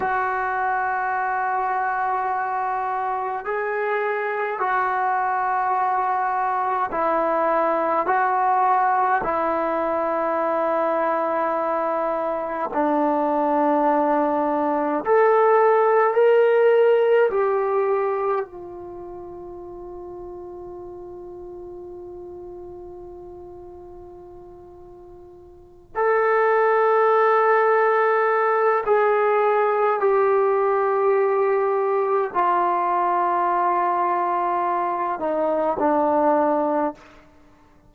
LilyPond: \new Staff \with { instrumentName = "trombone" } { \time 4/4 \tempo 4 = 52 fis'2. gis'4 | fis'2 e'4 fis'4 | e'2. d'4~ | d'4 a'4 ais'4 g'4 |
f'1~ | f'2~ f'8 a'4.~ | a'4 gis'4 g'2 | f'2~ f'8 dis'8 d'4 | }